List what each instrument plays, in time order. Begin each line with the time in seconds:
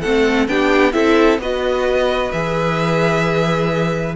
0.00 cello A3, viola C4, violin A4 F#5
0.48 cello B3, viola D4, violin G4 G5
0.92 cello C4, viola E4, violin A4 E5
1.39 cello B3, viola F#4, violin B4 D#5
2.32 cello E3, viola G#4, violin E5